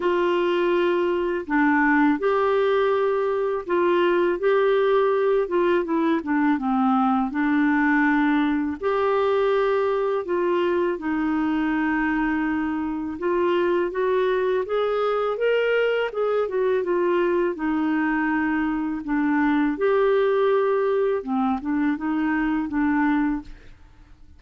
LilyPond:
\new Staff \with { instrumentName = "clarinet" } { \time 4/4 \tempo 4 = 82 f'2 d'4 g'4~ | g'4 f'4 g'4. f'8 | e'8 d'8 c'4 d'2 | g'2 f'4 dis'4~ |
dis'2 f'4 fis'4 | gis'4 ais'4 gis'8 fis'8 f'4 | dis'2 d'4 g'4~ | g'4 c'8 d'8 dis'4 d'4 | }